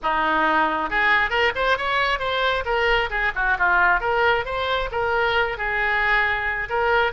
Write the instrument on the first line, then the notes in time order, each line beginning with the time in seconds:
oboe
0.02 D#4
0.89 G#4
1.30 A#4
1.55 C5
1.77 C#5
2.19 C5
2.65 A#4
3.09 G#4
3.35 F#4
3.58 F4
4.00 A#4
4.45 C5
4.91 A#4
5.57 G#4
6.69 A#4